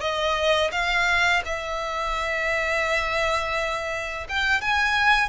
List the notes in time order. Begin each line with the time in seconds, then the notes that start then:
0.00 D#5
0.72 F5
1.45 E5
4.29 G5
4.61 G#5